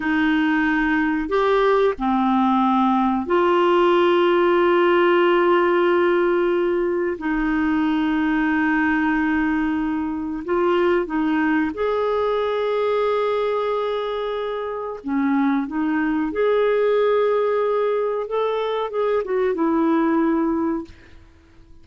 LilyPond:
\new Staff \with { instrumentName = "clarinet" } { \time 4/4 \tempo 4 = 92 dis'2 g'4 c'4~ | c'4 f'2.~ | f'2. dis'4~ | dis'1 |
f'4 dis'4 gis'2~ | gis'2. cis'4 | dis'4 gis'2. | a'4 gis'8 fis'8 e'2 | }